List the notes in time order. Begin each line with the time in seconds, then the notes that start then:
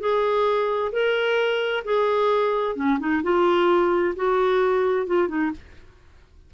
0.00 G#4
0.92 A#4
1.85 G#4
2.76 C#4
2.99 D#4
3.23 F4
4.16 F#4
5.07 F4
5.28 D#4